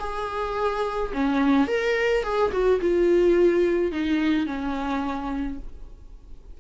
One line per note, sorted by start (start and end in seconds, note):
0.00 1.12 G#4
1.13 1.68 C#4
1.68 2.24 A#4
2.24 2.52 G#4
2.52 2.80 F#4
2.81 3.92 F4
3.92 4.46 D#4
4.46 5.58 C#4